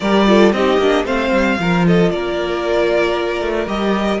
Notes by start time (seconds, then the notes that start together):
0.00 G3 G4 A#4 D5
0.26 F4 A4
0.52 C4 D#4 G4 D#5
0.77 A#3 D4
1.04 A3 C4 C5 F5
1.31 G3
1.59 F3 F4 A#4
1.87 A4 D#5
2.10 A#3 A#4 D5
3.40 A3
3.66 G3 G4 D#5